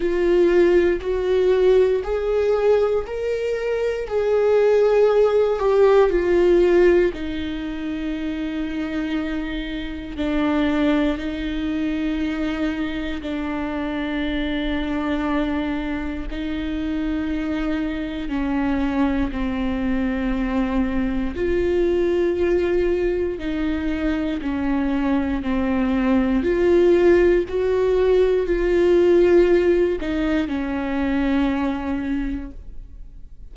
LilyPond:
\new Staff \with { instrumentName = "viola" } { \time 4/4 \tempo 4 = 59 f'4 fis'4 gis'4 ais'4 | gis'4. g'8 f'4 dis'4~ | dis'2 d'4 dis'4~ | dis'4 d'2. |
dis'2 cis'4 c'4~ | c'4 f'2 dis'4 | cis'4 c'4 f'4 fis'4 | f'4. dis'8 cis'2 | }